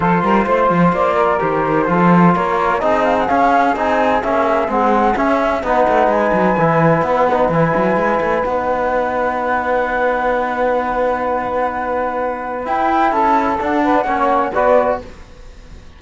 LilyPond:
<<
  \new Staff \with { instrumentName = "flute" } { \time 4/4 \tempo 4 = 128 c''2 d''4 c''4~ | c''4 cis''4 dis''8 f''16 fis''16 f''4 | gis''4 e''4 fis''4 e''4 | fis''4 gis''2 fis''4 |
gis''2 fis''2~ | fis''1~ | fis''2. g''4 | a''4 fis''2 d''4 | }
  \new Staff \with { instrumentName = "saxophone" } { \time 4/4 a'8 ais'8 c''4. ais'4. | a'4 ais'4 gis'2~ | gis'1 | b'1~ |
b'1~ | b'1~ | b'1 | a'4. b'8 cis''4 b'4 | }
  \new Staff \with { instrumentName = "trombone" } { \time 4/4 f'2. g'4 | f'2 dis'4 cis'4 | dis'4 cis'4 c'4 cis'4 | dis'2 e'4. dis'8 |
e'2 dis'2~ | dis'1~ | dis'2. e'4~ | e'4 d'4 cis'4 fis'4 | }
  \new Staff \with { instrumentName = "cello" } { \time 4/4 f8 g8 a8 f8 ais4 dis4 | f4 ais4 c'4 cis'4 | c'4 ais4 gis4 cis'4 | b8 a8 gis8 fis8 e4 b4 |
e8 fis8 gis8 a8 b2~ | b1~ | b2. e'4 | cis'4 d'4 ais4 b4 | }
>>